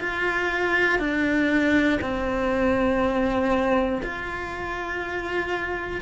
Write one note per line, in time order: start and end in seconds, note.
0.00 0.99 F4
0.99 1.99 D4
2.01 4.01 C4
4.03 6.01 F4